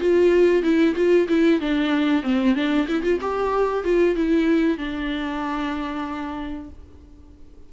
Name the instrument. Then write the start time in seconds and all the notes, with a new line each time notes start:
viola
0.00 F4
0.63 E4
0.95 F4
1.29 E4
1.60 D4
2.23 C4
2.55 D4
2.88 E4
3.03 F4
3.21 G4
3.84 F4
4.16 E4
4.78 D4